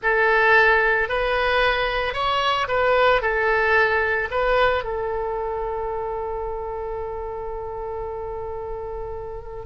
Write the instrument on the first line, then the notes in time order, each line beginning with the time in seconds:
oboe
0.02 A4
1.08 B4
2.13 C#5
2.68 B4
3.21 A4
4.31 B4
4.84 A4